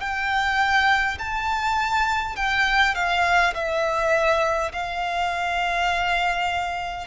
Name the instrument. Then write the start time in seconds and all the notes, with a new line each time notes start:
violin
0.00 G5
1.19 A5
2.36 G5
2.95 F5
3.54 E5
4.72 F5